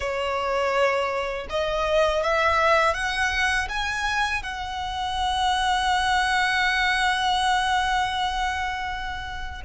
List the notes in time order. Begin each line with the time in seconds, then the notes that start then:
0.00 C#5
1.49 D#5
2.23 E5
2.94 F#5
3.68 G#5
4.42 F#5